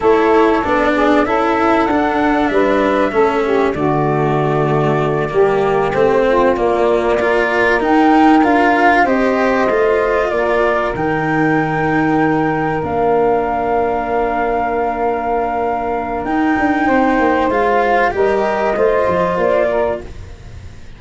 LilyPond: <<
  \new Staff \with { instrumentName = "flute" } { \time 4/4 \tempo 4 = 96 cis''4 d''4 e''4 fis''4 | e''2 d''2~ | d''4. c''4 d''4.~ | d''8 g''4 f''4 dis''4.~ |
dis''8 d''4 g''2~ g''8~ | g''8 f''2.~ f''8~ | f''2 g''2 | f''4 dis''2 d''4 | }
  \new Staff \with { instrumentName = "saxophone" } { \time 4/4 a'4. gis'8 a'2 | b'4 a'8 g'8 fis'2~ | fis'8 g'4. f'4. ais'8~ | ais'2~ ais'8 c''4.~ |
c''8 ais'2.~ ais'8~ | ais'1~ | ais'2. c''4~ | c''4 ais'4 c''4. ais'8 | }
  \new Staff \with { instrumentName = "cello" } { \time 4/4 e'4 d'4 e'4 d'4~ | d'4 cis'4 a2~ | a8 ais4 c'4 ais4 f'8~ | f'8 dis'4 f'4 g'4 f'8~ |
f'4. dis'2~ dis'8~ | dis'8 d'2.~ d'8~ | d'2 dis'2 | f'4 g'4 f'2 | }
  \new Staff \with { instrumentName = "tuba" } { \time 4/4 a4 b4 cis'4 d'4 | g4 a4 d2~ | d8 g4 a4 ais4.~ | ais8 dis'4 d'4 c'4 a8~ |
a8 ais4 dis2~ dis8~ | dis8 ais2.~ ais8~ | ais2 dis'8 d'8 c'8 ais8 | gis4 g4 a8 f8 ais4 | }
>>